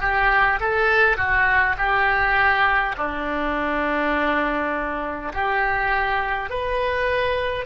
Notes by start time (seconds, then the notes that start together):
0.00 G4
0.60 A4
1.17 F#4
1.78 G4
2.97 D4
5.33 G4
6.49 B4